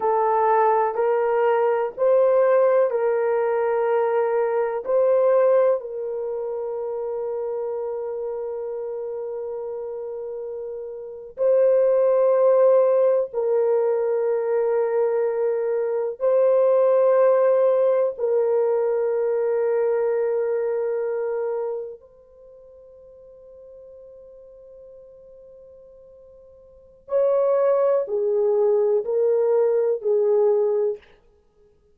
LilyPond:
\new Staff \with { instrumentName = "horn" } { \time 4/4 \tempo 4 = 62 a'4 ais'4 c''4 ais'4~ | ais'4 c''4 ais'2~ | ais'2.~ ais'8. c''16~ | c''4.~ c''16 ais'2~ ais'16~ |
ais'8. c''2 ais'4~ ais'16~ | ais'2~ ais'8. c''4~ c''16~ | c''1 | cis''4 gis'4 ais'4 gis'4 | }